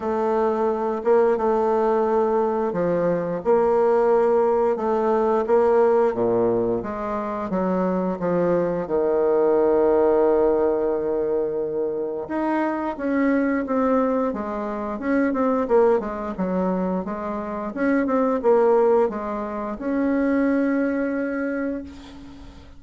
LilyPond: \new Staff \with { instrumentName = "bassoon" } { \time 4/4 \tempo 4 = 88 a4. ais8 a2 | f4 ais2 a4 | ais4 ais,4 gis4 fis4 | f4 dis2.~ |
dis2 dis'4 cis'4 | c'4 gis4 cis'8 c'8 ais8 gis8 | fis4 gis4 cis'8 c'8 ais4 | gis4 cis'2. | }